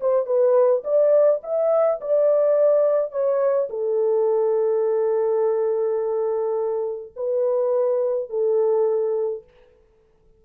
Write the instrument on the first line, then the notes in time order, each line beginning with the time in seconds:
horn
0.00 C5
0.26 B4
0.84 D5
1.43 E5
2.01 D5
3.11 C#5
3.69 A4
7.16 B4
8.30 A4